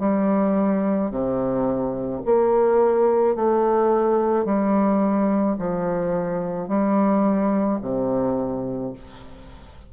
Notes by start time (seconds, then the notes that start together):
0.00 G3
1.11 C3
2.26 A#3
3.36 A3
4.45 G3
5.59 F3
6.69 G3
7.82 C3